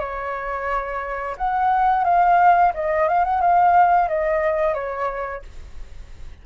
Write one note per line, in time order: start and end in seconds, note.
0.00 1.36 C#5
1.38 2.05 F#5
2.05 2.73 F5
2.75 3.08 D#5
3.08 3.25 F5
3.25 3.41 F#5
3.41 4.08 F5
4.08 4.74 D#5
4.74 5.43 C#5